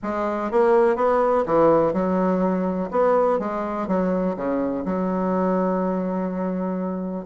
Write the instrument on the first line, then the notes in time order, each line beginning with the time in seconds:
bassoon
0.02 G#3
0.51 A#3
0.96 B3
1.46 E3
1.93 F#3
2.91 B3
3.39 G#3
3.87 F#3
4.36 C#3
4.85 F#3